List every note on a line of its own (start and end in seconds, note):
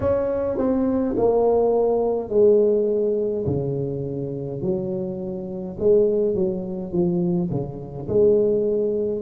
0.00 0.57 C#4
0.57 1.15 C4
1.16 2.29 A#3
2.29 3.44 G#3
3.46 4.62 C#3
4.62 5.77 F#3
5.79 6.35 G#3
6.35 6.92 F#3
6.92 7.49 F3
7.50 8.08 C#3
8.08 9.22 G#3